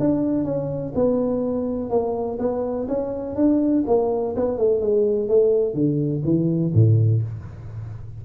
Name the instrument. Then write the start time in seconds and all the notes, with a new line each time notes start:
tuba
0.00 D4
0.45 C#4
0.95 B3
1.90 A#3
2.39 B3
2.88 C#4
3.36 D4
3.87 A#3
4.36 B3
4.58 A3
4.81 G#3
5.29 A3
5.74 D3
6.25 E3
6.74 A2